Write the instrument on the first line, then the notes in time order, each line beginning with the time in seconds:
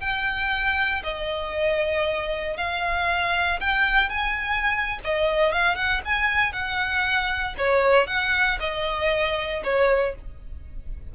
violin
0.00 G5
1.03 D#5
2.57 F5
3.60 G5
4.10 G#5
5.04 D#5
5.52 F5
5.75 F#5
6.05 G#5
6.53 F#5
7.58 C#5
8.07 F#5
8.60 D#5
9.64 C#5